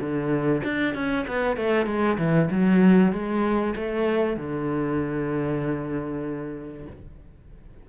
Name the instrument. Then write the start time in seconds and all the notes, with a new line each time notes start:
cello
0.00 D3
0.64 D4
0.95 C#4
1.27 B3
1.57 A3
1.86 G#3
2.18 E3
2.51 F#3
3.12 G#3
3.76 A3
4.37 D3